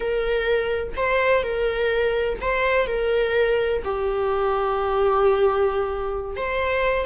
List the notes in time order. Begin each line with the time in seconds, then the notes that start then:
0.00 A#4
0.96 C5
1.43 A#4
2.41 C5
2.86 A#4
3.84 G4
6.36 C5